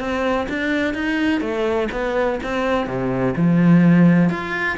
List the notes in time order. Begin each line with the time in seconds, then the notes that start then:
0.00 C4
0.49 D4
0.95 D#4
1.41 A3
1.92 B3
2.44 C4
2.87 C3
3.37 F3
4.30 F4